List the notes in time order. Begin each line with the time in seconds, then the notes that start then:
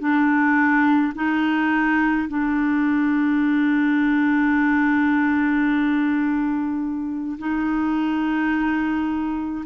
0.00 D4
1.15 D#4
2.28 D4
7.39 D#4